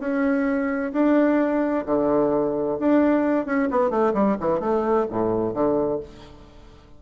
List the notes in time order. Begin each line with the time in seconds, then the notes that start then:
0.00 C#4
0.93 D4
1.86 D3
2.80 D4
3.46 C#4
3.70 B3
3.90 A3
4.14 G3
4.40 E3
4.60 A3
5.10 A2
5.54 D3